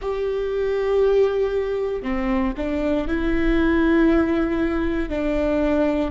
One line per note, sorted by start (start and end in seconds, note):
0.01 2.02 G4
2.02 2.53 C4
2.57 3.07 D4
3.07 5.08 E4
5.08 6.10 D4